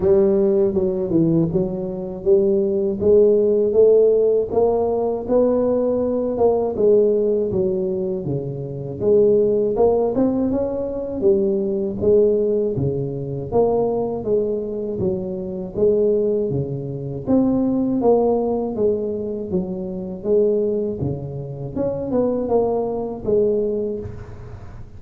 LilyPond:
\new Staff \with { instrumentName = "tuba" } { \time 4/4 \tempo 4 = 80 g4 fis8 e8 fis4 g4 | gis4 a4 ais4 b4~ | b8 ais8 gis4 fis4 cis4 | gis4 ais8 c'8 cis'4 g4 |
gis4 cis4 ais4 gis4 | fis4 gis4 cis4 c'4 | ais4 gis4 fis4 gis4 | cis4 cis'8 b8 ais4 gis4 | }